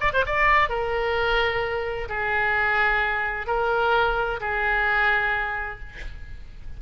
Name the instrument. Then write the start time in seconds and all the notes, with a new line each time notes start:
oboe
0.00 D5
0.13 C5
0.26 D5
0.69 A#4
2.08 G#4
3.47 A#4
4.40 G#4